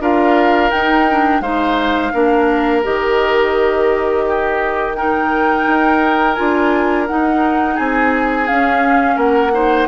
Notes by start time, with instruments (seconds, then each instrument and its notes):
0.00 bassoon D4, clarinet F4, oboe A#4, flute F5
0.71 clarinet D#4, bassoon D#4, flute G5
1.10 clarinet D4
1.41 bassoon G#3, clarinet D#4, oboe C5, flute F5
2.12 bassoon A#3, clarinet D4, oboe A#4
2.83 bassoon D#3, clarinet G4, flute D#5
4.27 oboe G4
4.94 clarinet D#4, oboe A#4, flute G5
5.67 bassoon D#4
6.34 bassoon D4, clarinet F4, flute G#5
7.07 clarinet D#4, bassoon D#4, flute F#5
7.75 bassoon C4, oboe G#4, flute G#5
8.47 clarinet C#4, bassoon C#4, flute F5
9.16 bassoon A#3, oboe A#4, flute F#5
9.53 clarinet D#4, oboe C5